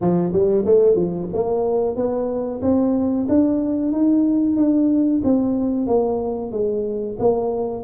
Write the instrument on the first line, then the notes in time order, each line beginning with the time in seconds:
tuba
0.01 F3
0.32 G3
0.65 A3
0.95 F3
1.33 A#3
1.96 B3
2.61 C4
3.28 D4
3.91 D#4
4.56 D4
5.24 C4
5.86 A#3
6.51 G#3
7.19 A#3